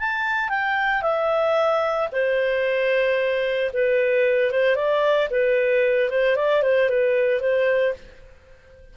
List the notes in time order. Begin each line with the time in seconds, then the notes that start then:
0.00 A5
0.50 G5
1.03 E5
2.12 C5
3.74 B4
4.52 C5
4.76 D5
5.31 B4
6.10 C5
6.36 D5
6.63 C5
6.90 B4
7.41 C5